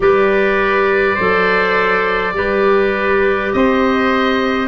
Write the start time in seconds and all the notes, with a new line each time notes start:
0.00 G3 G4 B4 D5
1.15 F#3 A4 C5
2.33 G3 G4 B4
3.52 C4 C5 D#5